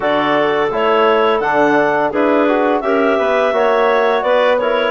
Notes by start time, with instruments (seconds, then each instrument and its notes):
0.00 bassoon D3, trombone F#4, clarinet A4 D5
0.71 bassoon A3, trombone E4, clarinet C#5
1.39 bassoon D3, trombone D4, clarinet F#5
2.10 bassoon D4, trombone E4, clarinet G#4 B4
2.48 trombone F#4
2.80 bassoon C#4, trombone G4, clarinet A#4 E5
3.17 bassoon B3, clarinet B4
3.52 bassoon A#3, trombone F#4, clarinet C#5
4.21 bassoon B3, clarinet B4 D5
4.57 trombone E4, clarinet A#4 C#5